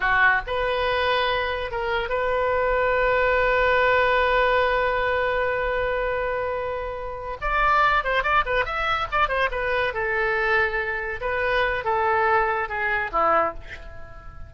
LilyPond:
\new Staff \with { instrumentName = "oboe" } { \time 4/4 \tempo 4 = 142 fis'4 b'2. | ais'4 b'2.~ | b'1~ | b'1~ |
b'4. d''4. c''8 d''8 | b'8 e''4 d''8 c''8 b'4 a'8~ | a'2~ a'8 b'4. | a'2 gis'4 e'4 | }